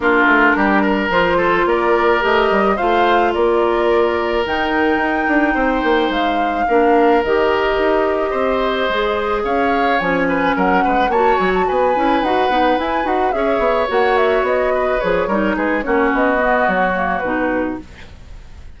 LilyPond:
<<
  \new Staff \with { instrumentName = "flute" } { \time 4/4 \tempo 4 = 108 ais'2 c''4 d''4 | dis''4 f''4 d''2 | g''2. f''4~ | f''4 dis''2.~ |
dis''4 f''4 gis''4 fis''4 | a''8 gis''16 a''16 gis''4 fis''4 gis''8 fis''8 | e''4 fis''8 e''8 dis''4 cis''4 | b'8 cis''8 dis''4 cis''4 b'4 | }
  \new Staff \with { instrumentName = "oboe" } { \time 4/4 f'4 g'8 ais'4 a'8 ais'4~ | ais'4 c''4 ais'2~ | ais'2 c''2 | ais'2. c''4~ |
c''4 cis''4. b'8 ais'8 b'8 | cis''4 b'2. | cis''2~ cis''8 b'4 ais'8 | gis'8 fis'2.~ fis'8 | }
  \new Staff \with { instrumentName = "clarinet" } { \time 4/4 d'2 f'2 | g'4 f'2. | dis'1 | d'4 g'2. |
gis'2 cis'2 | fis'4. e'8 fis'8 dis'8 e'8 fis'8 | gis'4 fis'2 gis'8 dis'8~ | dis'8 cis'4 b4 ais8 dis'4 | }
  \new Staff \with { instrumentName = "bassoon" } { \time 4/4 ais8 a8 g4 f4 ais4 | a8 g8 a4 ais2 | dis4 dis'8 d'8 c'8 ais8 gis4 | ais4 dis4 dis'4 c'4 |
gis4 cis'4 f4 fis8 gis8 | ais8 fis8 b8 cis'8 dis'8 b8 e'8 dis'8 | cis'8 b8 ais4 b4 f8 g8 | gis8 ais8 b4 fis4 b,4 | }
>>